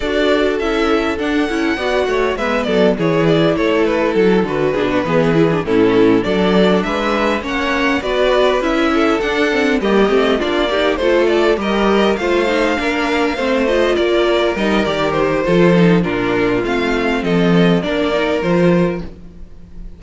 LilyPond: <<
  \new Staff \with { instrumentName = "violin" } { \time 4/4 \tempo 4 = 101 d''4 e''4 fis''2 | e''8 d''8 cis''8 d''8 cis''8 b'8 a'8 b'8~ | b'4. a'4 d''4 e''8~ | e''8 fis''4 d''4 e''4 fis''8~ |
fis''8 dis''4 d''4 c''8 d''8 dis''8~ | dis''8 f''2~ f''8 dis''8 d''8~ | d''8 dis''8 d''8 c''4. ais'4 | f''4 dis''4 d''4 c''4 | }
  \new Staff \with { instrumentName = "violin" } { \time 4/4 a'2. d''8 cis''8 | b'8 a'8 gis'4 a'2 | gis'16 fis'16 gis'4 e'4 a'4 b'8~ | b'8 cis''4 b'4. a'4~ |
a'8 g'4 f'8 g'8 a'4 ais'8~ | ais'8 c''4 ais'4 c''4 ais'8~ | ais'2 a'4 f'4~ | f'4 a'4 ais'2 | }
  \new Staff \with { instrumentName = "viola" } { \time 4/4 fis'4 e'4 d'8 e'8 fis'4 | b4 e'2~ e'8 fis'8 | d'8 b8 e'16 d'16 cis'4 d'4.~ | d'8 cis'4 fis'4 e'4 d'8 |
c'8 ais8 c'8 d'8 dis'8 f'4 g'8~ | g'8 f'8 dis'8 d'4 c'8 f'4~ | f'8 dis'8 g'4 f'8 dis'8 d'4 | c'2 d'8 dis'8 f'4 | }
  \new Staff \with { instrumentName = "cello" } { \time 4/4 d'4 cis'4 d'8 cis'8 b8 a8 | gis8 fis8 e4 a4 fis8 d8 | b,8 e4 a,4 fis4 gis8~ | gis8 ais4 b4 cis'4 d'8~ |
d'8 g8 a8 ais4 a4 g8~ | g8 a4 ais4 a4 ais8~ | ais8 g8 dis4 f4 ais,4 | a4 f4 ais4 f4 | }
>>